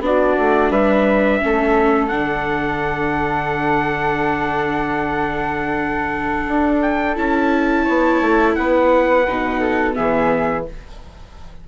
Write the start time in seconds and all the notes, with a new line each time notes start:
0.00 B3 D4 F#4 D5
0.39 A3
0.70 G3 B4 E5
1.40 A3 C#4 A4
2.08 D3 D4 F#5
6.48 D4
6.82 G5
7.16 C#4 E4 A5
7.84 B3 C#5
8.21 A3
8.55 B3 B4 F#5
9.28 B2 D#4
9.60 A4
9.93 E3 B3 G#4 E5